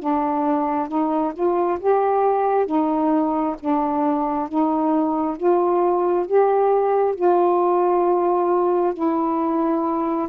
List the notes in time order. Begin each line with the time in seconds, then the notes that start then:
0.00 D4
0.89 D#4
1.34 F4
1.80 G4
2.67 D#4
3.60 D4
4.49 D#4
5.37 F4
6.27 G4
7.16 F4
8.94 E4